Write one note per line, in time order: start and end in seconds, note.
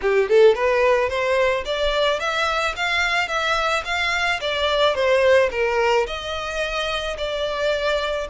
0.01 0.29 G4
0.29 0.54 A4
0.54 1.09 B4
1.09 1.64 C5
1.65 2.19 D5
2.19 2.74 E5
2.75 3.28 F5
3.28 3.83 E5
3.85 4.40 F5
4.40 4.94 D5
4.94 5.49 C5
5.51 6.06 A#4
6.07 7.17 D#5
7.17 8.27 D5